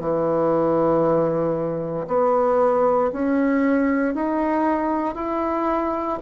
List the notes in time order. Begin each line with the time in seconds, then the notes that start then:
0.00 E3
2.08 B3
3.13 C#4
4.15 D#4
5.15 E4